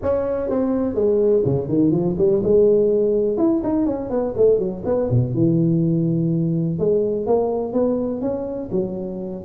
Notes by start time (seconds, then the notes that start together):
0.02 C#4
0.49 C4
0.94 G#3
1.45 C#3
1.68 D#3
1.91 F3
2.18 G3
2.43 G#3
3.37 E4
3.63 D#4
3.86 C#4
4.10 B3
4.36 A3
4.58 F#3
4.85 B3
5.10 B2
5.34 E3
6.78 G#3
7.26 A#3
7.72 B3
8.21 C#4
8.71 F#3